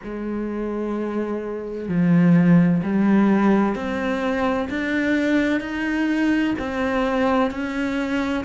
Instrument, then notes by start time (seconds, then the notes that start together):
cello
0.03 G#3
1.88 F3
2.83 G3
3.75 C4
4.69 D4
5.60 D#4
6.59 C4
7.50 C#4